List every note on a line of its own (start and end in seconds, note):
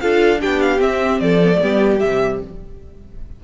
0.00 0.43 D4
0.00 0.38 F4
0.00 0.41 A4
0.00 0.40 F5
0.38 0.80 B3
0.38 0.79 D4
0.38 1.21 G4
0.38 0.60 G5
0.60 0.81 F5
0.79 1.39 C4
0.79 1.20 C4
0.79 1.20 E5
1.20 1.61 F3
1.20 1.62 A4
1.20 1.99 D5
1.43 1.53 B3
1.53 1.61 A3
1.61 2.03 G3
1.61 2.00 B3
1.61 2.43 G4
1.99 2.44 C3
1.99 2.40 G3
1.99 2.40 E5